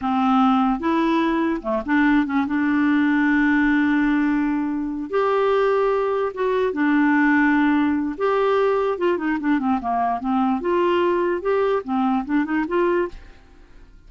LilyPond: \new Staff \with { instrumentName = "clarinet" } { \time 4/4 \tempo 4 = 147 c'2 e'2 | a8 d'4 cis'8 d'2~ | d'1~ | d'8 g'2. fis'8~ |
fis'8 d'2.~ d'8 | g'2 f'8 dis'8 d'8 c'8 | ais4 c'4 f'2 | g'4 c'4 d'8 dis'8 f'4 | }